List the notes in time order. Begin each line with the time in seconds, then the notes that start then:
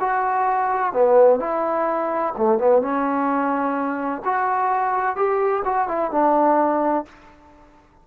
0.00 F#4
0.93 B3
1.40 E4
2.37 A3
2.58 B3
2.82 C#4
4.25 F#4
5.16 G4
5.65 F#4
5.88 E4
6.11 D4